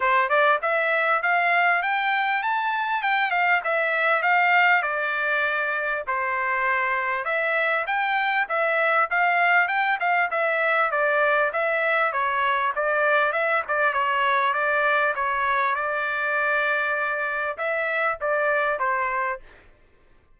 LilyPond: \new Staff \with { instrumentName = "trumpet" } { \time 4/4 \tempo 4 = 99 c''8 d''8 e''4 f''4 g''4 | a''4 g''8 f''8 e''4 f''4 | d''2 c''2 | e''4 g''4 e''4 f''4 |
g''8 f''8 e''4 d''4 e''4 | cis''4 d''4 e''8 d''8 cis''4 | d''4 cis''4 d''2~ | d''4 e''4 d''4 c''4 | }